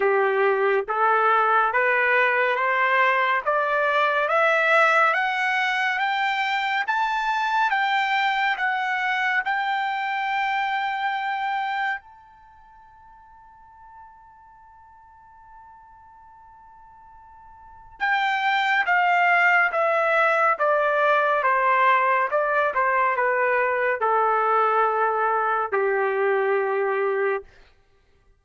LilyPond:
\new Staff \with { instrumentName = "trumpet" } { \time 4/4 \tempo 4 = 70 g'4 a'4 b'4 c''4 | d''4 e''4 fis''4 g''4 | a''4 g''4 fis''4 g''4~ | g''2 a''2~ |
a''1~ | a''4 g''4 f''4 e''4 | d''4 c''4 d''8 c''8 b'4 | a'2 g'2 | }